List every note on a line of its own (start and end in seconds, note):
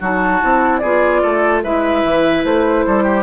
0.00 0.42 F#3
0.00 0.41 D#4
0.00 0.81 F#4
0.00 0.79 A5
0.41 0.83 C4
0.41 0.82 E4
0.79 1.23 B3
0.79 1.22 G#4
0.79 1.60 D5
0.85 1.65 F4
1.23 1.64 A3
1.23 1.63 A4
1.64 2.04 G#3
1.64 3.23 E4
1.64 2.86 B4
1.64 2.45 E5
2.04 2.45 E3
2.45 2.86 A3
2.45 3.23 C5
2.87 3.23 G3
2.87 3.04 A4
3.04 3.23 G4